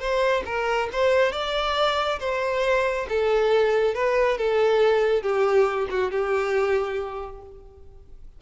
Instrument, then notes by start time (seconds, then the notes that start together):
violin
0.00 C5
0.46 A#4
0.93 C5
1.32 D5
2.20 C5
3.09 A4
3.95 B4
4.38 A4
5.23 G4
5.90 F#4
6.12 G4